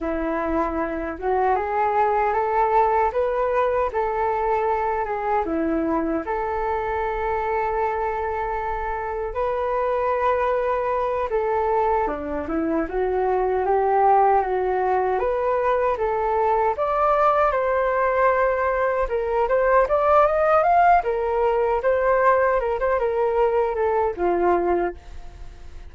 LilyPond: \new Staff \with { instrumentName = "flute" } { \time 4/4 \tempo 4 = 77 e'4. fis'8 gis'4 a'4 | b'4 a'4. gis'8 e'4 | a'1 | b'2~ b'8 a'4 d'8 |
e'8 fis'4 g'4 fis'4 b'8~ | b'8 a'4 d''4 c''4.~ | c''8 ais'8 c''8 d''8 dis''8 f''8 ais'4 | c''4 ais'16 c''16 ais'4 a'8 f'4 | }